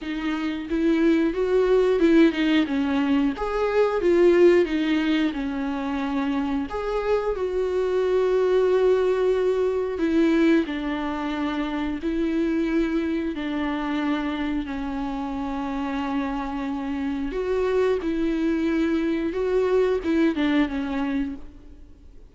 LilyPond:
\new Staff \with { instrumentName = "viola" } { \time 4/4 \tempo 4 = 90 dis'4 e'4 fis'4 e'8 dis'8 | cis'4 gis'4 f'4 dis'4 | cis'2 gis'4 fis'4~ | fis'2. e'4 |
d'2 e'2 | d'2 cis'2~ | cis'2 fis'4 e'4~ | e'4 fis'4 e'8 d'8 cis'4 | }